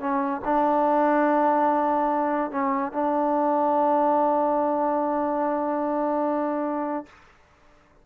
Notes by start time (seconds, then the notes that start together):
0.00 C#4
0.45 D4
2.51 C#4
2.92 D4